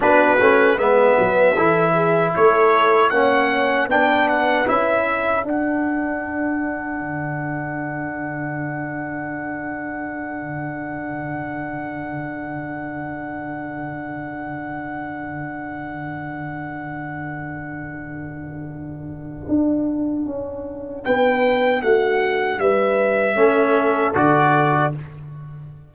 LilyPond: <<
  \new Staff \with { instrumentName = "trumpet" } { \time 4/4 \tempo 4 = 77 b'4 e''2 cis''4 | fis''4 g''8 fis''8 e''4 fis''4~ | fis''1~ | fis''1~ |
fis''1~ | fis''1~ | fis''2. g''4 | fis''4 e''2 d''4 | }
  \new Staff \with { instrumentName = "horn" } { \time 4/4 fis'4 b'4 a'8 gis'8 a'4 | cis''4 b'4. a'4.~ | a'1~ | a'1~ |
a'1~ | a'1~ | a'2. b'4 | fis'4 b'4 a'2 | }
  \new Staff \with { instrumentName = "trombone" } { \time 4/4 d'8 cis'8 b4 e'2 | cis'4 d'4 e'4 d'4~ | d'1~ | d'1~ |
d'1~ | d'1~ | d'1~ | d'2 cis'4 fis'4 | }
  \new Staff \with { instrumentName = "tuba" } { \time 4/4 b8 a8 gis8 fis8 e4 a4 | ais4 b4 cis'4 d'4~ | d'4 d2.~ | d1~ |
d1~ | d1~ | d4 d'4 cis'4 b4 | a4 g4 a4 d4 | }
>>